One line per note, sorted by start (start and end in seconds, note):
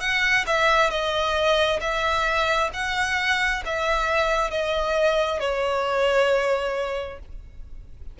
0.00 0.45 F#5
0.46 0.90 E5
0.90 1.80 D#5
1.80 2.70 E5
2.73 3.63 F#5
3.65 4.50 E5
4.50 5.40 D#5
5.40 7.19 C#5